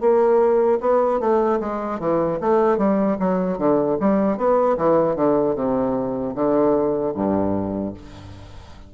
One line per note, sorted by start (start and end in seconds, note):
0.00 0.79 A#3
0.80 1.20 B3
1.20 1.59 A3
1.60 2.00 G#3
2.00 2.39 E3
2.40 2.77 A3
2.77 3.17 G3
3.19 3.58 F#3
3.58 3.97 D3
4.00 4.37 G3
4.37 4.77 B3
4.77 5.15 E3
5.15 5.55 D3
5.55 6.34 C3
6.34 7.13 D3
7.14 7.93 G2